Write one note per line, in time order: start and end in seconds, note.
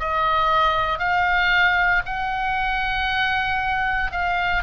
0.00 0.99 D#5
0.99 2.02 F5
2.05 4.11 F#5
4.11 4.63 F5